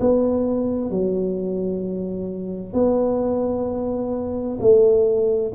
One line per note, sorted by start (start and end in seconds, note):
0.00 0.90 B3
0.90 2.73 F#3
2.73 4.58 B3
4.60 5.52 A3